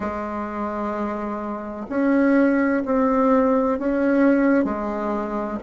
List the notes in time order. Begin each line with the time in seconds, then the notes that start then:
0.00 G#3
1.89 C#4
2.85 C4
3.78 C#4
4.64 G#3